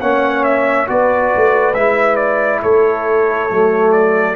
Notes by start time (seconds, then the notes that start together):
0.00 A#3 C#4 C#5 F#5
0.43 E5
0.87 B3 F#4 B4 D5
1.35 A3
1.74 G#3 E4 E5
2.16 D5
2.62 A3 A4 C#5
3.49 F#3 A3
3.92 D5